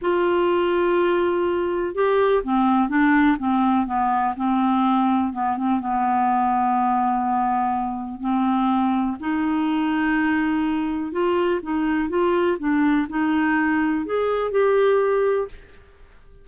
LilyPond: \new Staff \with { instrumentName = "clarinet" } { \time 4/4 \tempo 4 = 124 f'1 | g'4 c'4 d'4 c'4 | b4 c'2 b8 c'8 | b1~ |
b4 c'2 dis'4~ | dis'2. f'4 | dis'4 f'4 d'4 dis'4~ | dis'4 gis'4 g'2 | }